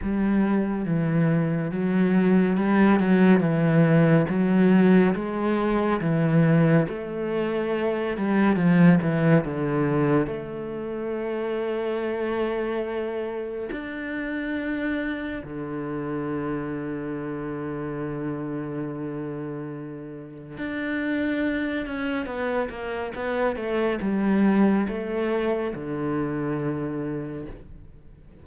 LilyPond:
\new Staff \with { instrumentName = "cello" } { \time 4/4 \tempo 4 = 70 g4 e4 fis4 g8 fis8 | e4 fis4 gis4 e4 | a4. g8 f8 e8 d4 | a1 |
d'2 d2~ | d1 | d'4. cis'8 b8 ais8 b8 a8 | g4 a4 d2 | }